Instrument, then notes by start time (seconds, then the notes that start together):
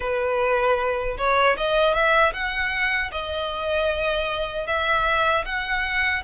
violin
0.00 B4
1.17 C#5
1.57 D#5
1.93 E5
2.33 F#5
3.11 D#5
4.66 E5
5.45 F#5